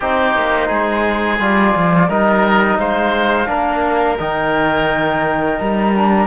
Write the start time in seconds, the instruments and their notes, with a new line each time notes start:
0.00 cello C4, trombone D#4, oboe G4, flute C5
0.35 cello A#3
0.67 cello G#3, oboe G#4
1.39 cello G3, trombone F4, flute D5
1.75 cello F3
2.08 cello G3, trombone D#4, oboe A#4, flute D#5
2.78 cello G#3, oboe C5, flute F5
3.47 cello A#3, trombone D4, oboe A#4
4.19 cello D#3, trombone D#4, flute G5
5.58 cello G3, flute A#5
5.94 trombone D4